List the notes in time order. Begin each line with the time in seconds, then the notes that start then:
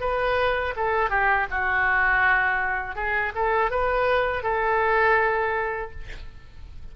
0.00 B4
0.76 A4
1.09 G4
1.50 F#4
2.95 G#4
3.35 A4
3.70 B4
4.43 A4